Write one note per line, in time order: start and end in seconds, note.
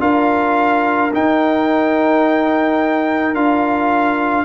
0.00 1.12 D4
0.00 1.11 F4
0.00 4.46 A#4
0.00 1.12 F5
1.13 3.35 D#4
1.13 3.35 G5
3.35 4.46 D4
3.35 4.46 F4
3.35 4.46 F5